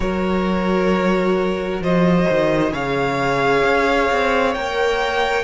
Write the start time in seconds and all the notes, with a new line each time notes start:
0.00 F#3 F#4 A#4 C#5
1.80 F3 C5 D#5
2.30 D#3
2.71 C#3 G#4 C#5 F5
3.63 C#4
4.11 C4
4.54 A#3 A#4 G5